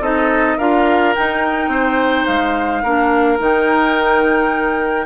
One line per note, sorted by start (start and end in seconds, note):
0.00 0.56 C4
0.00 0.58 D#4
0.00 0.57 A4
0.00 0.58 D#5
0.57 1.15 D4
0.57 1.15 F4
0.57 1.70 A#4
0.57 1.14 F5
1.14 2.84 D#4
1.14 1.68 D#4
1.14 2.25 G5
1.68 2.24 C4
1.68 2.82 C5
2.25 2.83 G#3
2.25 3.37 F5
2.82 3.39 A#3
2.82 3.38 D4
2.82 5.06 A#4
3.38 5.06 D#3
3.38 5.06 D#4
3.38 5.06 G5